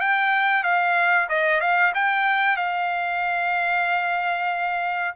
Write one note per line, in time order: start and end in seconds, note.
0.00 0.63 G5
0.63 1.28 F5
1.29 1.60 D#5
1.60 1.92 F5
1.94 2.56 G5
2.56 5.14 F5